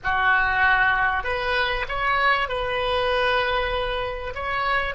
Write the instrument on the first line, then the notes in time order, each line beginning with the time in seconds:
oboe
0.03 F#4
1.23 B4
1.88 C#5
2.48 B4
4.34 C#5